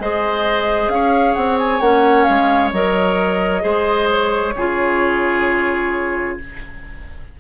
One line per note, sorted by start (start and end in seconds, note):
0.00 0.88 G#3
0.00 1.82 G#4
0.00 0.92 C5
0.00 0.89 D#5
0.88 1.34 C#4
0.88 3.63 C#5
0.88 1.34 F5
1.34 1.80 C4
1.34 1.57 F#5
1.59 1.81 G#5
1.80 2.26 A#3
1.80 2.73 C#4
1.80 2.24 F#5
2.24 2.73 G#3
2.24 2.69 F5
2.73 3.63 F#3
2.73 3.61 A#4
2.73 4.09 D#5
3.61 4.55 G#3
3.61 4.52 G#4
3.61 4.54 C5
4.11 6.38 C#5
4.55 6.37 C#3
4.55 6.40 F4
4.55 6.38 G#4